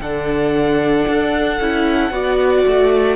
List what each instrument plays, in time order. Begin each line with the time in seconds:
0.00 cello D3, viola D4, violin A4 F#5
1.09 cello D4
1.60 cello C#4, viola E4
2.10 cello B3, viola F#4, violin D5
2.67 cello A3